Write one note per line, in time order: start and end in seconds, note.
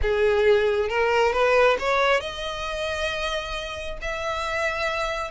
0.02 0.88 G#4
0.88 1.32 A#4
1.32 1.77 B4
1.79 2.20 C#5
2.20 3.98 D#5
4.01 5.31 E5